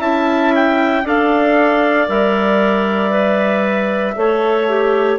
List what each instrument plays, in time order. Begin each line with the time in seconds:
0.00 bassoon C#4, clarinet E4 E5, trumpet A5
0.56 trumpet G5
1.04 bassoon D4, clarinet A4 D5, trumpet F5
2.08 bassoon G3, clarinet A#4, trumpet E5
3.11 clarinet B4
4.16 bassoon A3, clarinet A4 C#5
4.69 clarinet G4